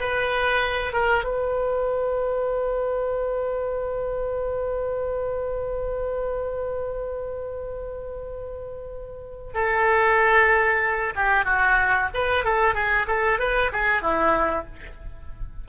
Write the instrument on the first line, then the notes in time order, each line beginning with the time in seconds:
oboe
0.00 B4
0.92 A#4
1.24 B4
9.54 A4
11.16 G4
11.45 F#4
12.14 B4
12.44 A4
12.74 G#4
13.07 A4
13.39 B4
13.72 G#4
14.02 E4